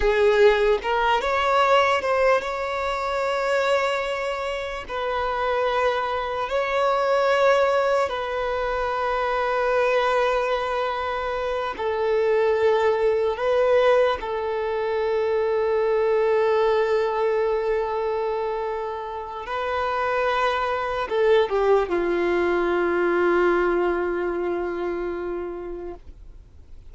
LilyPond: \new Staff \with { instrumentName = "violin" } { \time 4/4 \tempo 4 = 74 gis'4 ais'8 cis''4 c''8 cis''4~ | cis''2 b'2 | cis''2 b'2~ | b'2~ b'8 a'4.~ |
a'8 b'4 a'2~ a'8~ | a'1 | b'2 a'8 g'8 f'4~ | f'1 | }